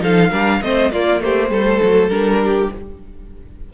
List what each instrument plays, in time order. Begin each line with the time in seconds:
0.00 cello F3, viola D#4, violin A4 F5
0.30 cello G3, viola D4, violin A#4
0.61 cello A3, viola C4, violin C5 D#5
0.91 cello A#3, viola A#3, violin F4 D5
1.20 cello A3, violin G4 C5
1.49 cello G3, viola A3, violin A4
1.82 cello F#3
2.08 cello G3, viola D4, violin A#4
2.43 violin G4